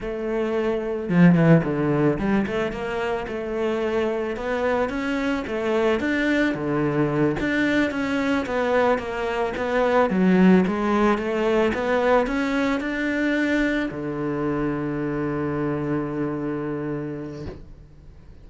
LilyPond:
\new Staff \with { instrumentName = "cello" } { \time 4/4 \tempo 4 = 110 a2 f8 e8 d4 | g8 a8 ais4 a2 | b4 cis'4 a4 d'4 | d4. d'4 cis'4 b8~ |
b8 ais4 b4 fis4 gis8~ | gis8 a4 b4 cis'4 d'8~ | d'4. d2~ d8~ | d1 | }